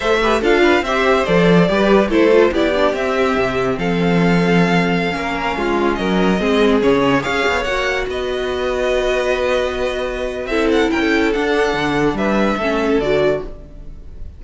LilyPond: <<
  \new Staff \with { instrumentName = "violin" } { \time 4/4 \tempo 4 = 143 e''4 f''4 e''4 d''4~ | d''4 c''4 d''4 e''4~ | e''4 f''2.~ | f''2~ f''16 dis''4.~ dis''16~ |
dis''16 cis''4 f''4 fis''4 dis''8.~ | dis''1~ | dis''4 e''8 fis''8 g''4 fis''4~ | fis''4 e''2 d''4 | }
  \new Staff \with { instrumentName = "violin" } { \time 4/4 c''8 b'8 a'8 b'8 c''2 | b'4 a'4 g'2~ | g'4 a'2.~ | a'16 ais'4 f'4 ais'4 gis'8.~ |
gis'4~ gis'16 cis''2 b'8.~ | b'1~ | b'4 a'4 ais'16 a'4.~ a'16~ | a'4 b'4 a'2 | }
  \new Staff \with { instrumentName = "viola" } { \time 4/4 a'8 g'8 f'4 g'4 a'4 | g'4 e'8 f'8 e'8 d'8 c'4~ | c'1~ | c'16 cis'2. c'8.~ |
c'16 cis'4 gis'4 fis'4.~ fis'16~ | fis'1~ | fis'4 e'2 d'4~ | d'2 cis'4 fis'4 | }
  \new Staff \with { instrumentName = "cello" } { \time 4/4 a4 d'4 c'4 f4 | g4 a4 b4 c'4 | c4 f2.~ | f16 ais4 gis4 fis4 gis8.~ |
gis16 cis4 cis'8 b8 ais4 b8.~ | b1~ | b4 c'4 cis'4 d'4 | d4 g4 a4 d4 | }
>>